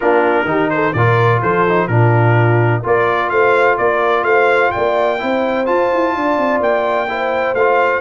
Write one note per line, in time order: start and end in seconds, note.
0.00 0.44 A#3
0.00 0.46 D4
0.00 0.48 F4
0.00 0.69 A#4
0.44 0.92 D#3
0.44 0.93 D#4
0.44 0.72 G4
0.69 0.96 A4
0.69 0.93 C5
0.93 1.41 A#2
0.93 1.68 F4
0.93 1.41 A#4
0.93 1.40 D5
1.41 1.88 F3
1.41 1.88 A4
1.41 1.87 C5
1.68 1.89 D#4
1.87 2.82 A#2
1.87 2.83 D4
1.87 2.81 F4
1.87 2.82 A#4
2.81 3.30 A#3
2.81 5.18 F4
2.81 3.29 A#4
2.81 3.29 D5
3.29 3.78 A3
3.29 3.79 C5
3.29 3.76 F5
3.77 4.23 A#3
3.77 4.25 A#4
3.77 4.24 D5
4.23 4.70 A3
4.23 4.73 C5
4.23 4.71 F5
4.71 5.22 A#3
4.71 5.20 D5
4.71 5.65 G5
5.18 5.68 C4
5.18 5.65 E4
5.18 6.15 C5
5.65 7.07 F4
5.65 5.92 F4
5.65 6.60 A5
5.92 6.15 E4
6.15 6.37 D4
6.15 7.09 D5
6.37 6.60 C4
6.60 7.54 A#3
6.60 7.55 G5
7.08 7.56 E4
7.08 8.00 C5
7.54 8.00 A3
7.54 8.00 F4
7.54 8.00 F5